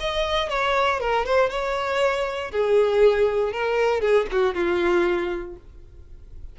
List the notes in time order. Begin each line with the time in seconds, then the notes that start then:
0.00 D#5
0.49 C#5
1.00 A#4
1.26 C5
1.50 C#5
2.51 G#4
3.52 A#4
4.01 G#4
4.32 F#4
4.54 F4